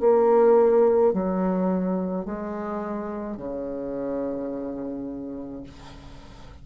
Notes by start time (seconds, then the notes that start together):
0.00 A#3
1.13 F#3
2.25 G#3
3.37 C#3